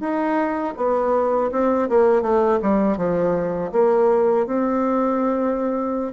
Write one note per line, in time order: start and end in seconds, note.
0.00 0.74 D#4
0.77 1.51 B3
1.52 1.89 C4
1.89 2.22 A#3
2.22 2.59 A3
2.62 2.98 G3
2.98 3.72 F3
3.72 4.46 A#3
4.46 6.13 C4